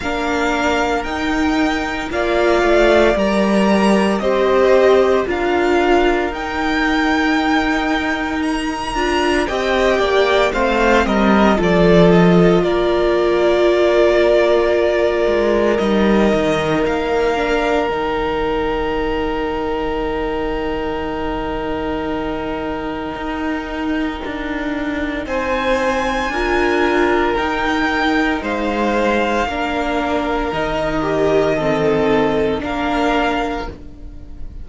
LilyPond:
<<
  \new Staff \with { instrumentName = "violin" } { \time 4/4 \tempo 4 = 57 f''4 g''4 f''4 ais''4 | dis''4 f''4 g''2 | ais''4 g''4 f''8 dis''8 d''8 dis''8 | d''2. dis''4 |
f''4 g''2.~ | g''1 | gis''2 g''4 f''4~ | f''4 dis''2 f''4 | }
  \new Staff \with { instrumentName = "violin" } { \time 4/4 ais'2 d''2 | c''4 ais'2.~ | ais'4 dis''8 d''8 c''8 ais'8 a'4 | ais'1~ |
ais'1~ | ais'1 | c''4 ais'2 c''4 | ais'2 a'4 ais'4 | }
  \new Staff \with { instrumentName = "viola" } { \time 4/4 d'4 dis'4 f'4 ais'4 | g'4 f'4 dis'2~ | dis'8 f'8 g'4 c'4 f'4~ | f'2. dis'4~ |
dis'8 d'8 dis'2.~ | dis'1~ | dis'4 f'4 dis'2 | d'4 dis'8 g'8 c'4 d'4 | }
  \new Staff \with { instrumentName = "cello" } { \time 4/4 ais4 dis'4 ais8 a8 g4 | c'4 d'4 dis'2~ | dis'8 d'8 c'8 ais8 a8 g8 f4 | ais2~ ais8 gis8 g8 dis8 |
ais4 dis2.~ | dis2 dis'4 d'4 | c'4 d'4 dis'4 gis4 | ais4 dis2 ais4 | }
>>